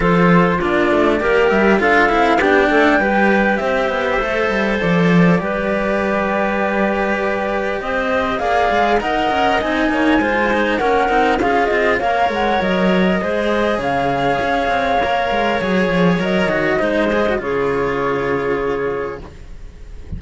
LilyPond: <<
  \new Staff \with { instrumentName = "flute" } { \time 4/4 \tempo 4 = 100 c''4 d''4. e''8 f''4 | g''2 e''2 | d''1~ | d''4 dis''4 f''4 fis''4 |
gis''2 fis''4 f''8 dis''8 | f''8 fis''8 dis''2 f''4~ | f''2 cis''4 dis''4~ | dis''4 cis''2. | }
  \new Staff \with { instrumentName = "clarinet" } { \time 4/4 a'4 f'4 ais'4 a'4 | g'8 a'8 b'4 c''2~ | c''4 b'2.~ | b'4 c''4 d''4 dis''4~ |
dis''8 cis''8 c''4 ais'4 gis'4 | cis''2 c''4 cis''4~ | cis''1 | c''4 gis'2. | }
  \new Staff \with { instrumentName = "cello" } { \time 4/4 f'4 d'4 g'4 f'8 e'8 | d'4 g'2 a'4~ | a'4 g'2.~ | g'2 gis'4 ais'4 |
dis'4 f'8 dis'8 cis'8 dis'8 f'4 | ais'2 gis'2~ | gis'4 ais'4 gis'4 ais'8 fis'8 | dis'8 gis'16 fis'16 f'2. | }
  \new Staff \with { instrumentName = "cello" } { \time 4/4 f4 ais8 a8 ais8 g8 d'8 c'8 | b8 a8 g4 c'8 b8 a8 g8 | f4 g2.~ | g4 c'4 ais8 gis8 dis'8 cis'8 |
c'8 ais8 gis4 ais8 c'8 cis'8 c'8 | ais8 gis8 fis4 gis4 cis4 | cis'8 c'8 ais8 gis8 fis8 f8 fis8 dis8 | gis4 cis2. | }
>>